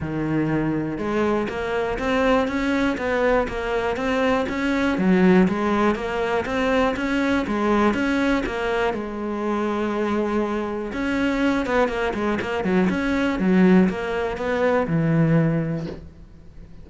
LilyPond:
\new Staff \with { instrumentName = "cello" } { \time 4/4 \tempo 4 = 121 dis2 gis4 ais4 | c'4 cis'4 b4 ais4 | c'4 cis'4 fis4 gis4 | ais4 c'4 cis'4 gis4 |
cis'4 ais4 gis2~ | gis2 cis'4. b8 | ais8 gis8 ais8 fis8 cis'4 fis4 | ais4 b4 e2 | }